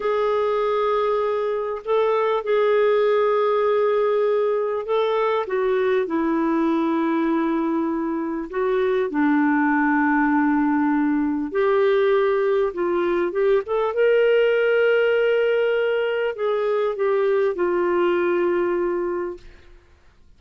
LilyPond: \new Staff \with { instrumentName = "clarinet" } { \time 4/4 \tempo 4 = 99 gis'2. a'4 | gis'1 | a'4 fis'4 e'2~ | e'2 fis'4 d'4~ |
d'2. g'4~ | g'4 f'4 g'8 a'8 ais'4~ | ais'2. gis'4 | g'4 f'2. | }